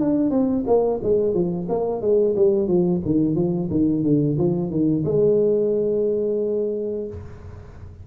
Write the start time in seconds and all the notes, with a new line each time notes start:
0.00 D4
0.31 C4
0.67 A#3
1.03 G#3
1.34 F3
1.69 A#3
2.02 G#3
2.36 G3
2.68 F3
3.06 D#3
3.35 F3
3.70 D#3
4.03 D3
4.38 F3
4.71 D#3
5.05 G#3